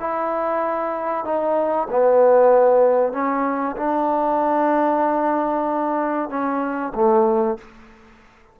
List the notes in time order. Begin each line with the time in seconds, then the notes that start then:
0.00 E4
1.25 D#4
1.91 B3
3.13 C#4
3.77 D4
6.30 C#4
6.95 A3